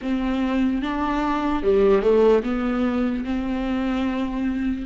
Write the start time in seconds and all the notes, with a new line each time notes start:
0.01 C4
0.82 D4
1.63 G3
2.02 A3
2.43 B3
3.24 C4